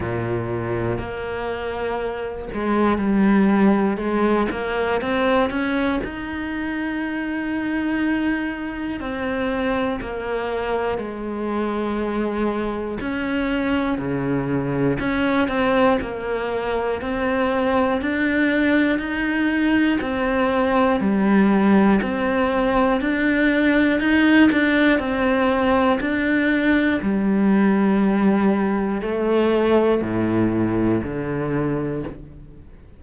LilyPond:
\new Staff \with { instrumentName = "cello" } { \time 4/4 \tempo 4 = 60 ais,4 ais4. gis8 g4 | gis8 ais8 c'8 cis'8 dis'2~ | dis'4 c'4 ais4 gis4~ | gis4 cis'4 cis4 cis'8 c'8 |
ais4 c'4 d'4 dis'4 | c'4 g4 c'4 d'4 | dis'8 d'8 c'4 d'4 g4~ | g4 a4 a,4 d4 | }